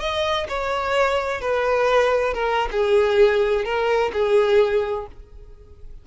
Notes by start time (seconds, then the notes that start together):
0.00 D#5
0.49 C#5
1.41 B4
2.34 A#4
2.71 G#4
3.65 A#4
4.13 G#4